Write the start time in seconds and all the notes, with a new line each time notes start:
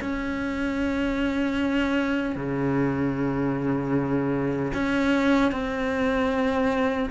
0.00 C#4
2.35 C#3
4.73 C#4
5.51 C4